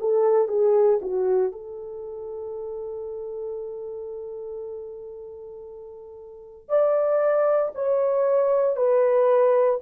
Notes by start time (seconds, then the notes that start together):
0.00 A4
0.48 G#4
1.02 F#4
1.52 A4
6.69 D5
7.75 C#5
8.77 B4